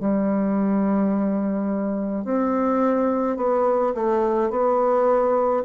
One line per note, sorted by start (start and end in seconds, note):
0.00 2.25 G3
2.25 3.37 C4
3.37 3.94 B3
3.95 4.50 A3
4.50 5.63 B3